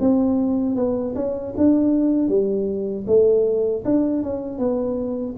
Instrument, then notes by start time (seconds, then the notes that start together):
tuba
0.00 C4
0.76 B3
1.15 C#4
1.57 D4
2.28 G3
3.07 A3
3.85 D4
4.23 C#4
4.58 B3